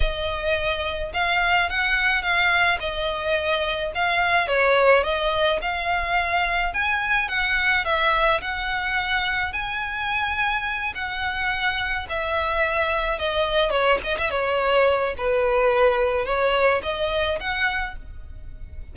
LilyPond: \new Staff \with { instrumentName = "violin" } { \time 4/4 \tempo 4 = 107 dis''2 f''4 fis''4 | f''4 dis''2 f''4 | cis''4 dis''4 f''2 | gis''4 fis''4 e''4 fis''4~ |
fis''4 gis''2~ gis''8 fis''8~ | fis''4. e''2 dis''8~ | dis''8 cis''8 dis''16 e''16 cis''4. b'4~ | b'4 cis''4 dis''4 fis''4 | }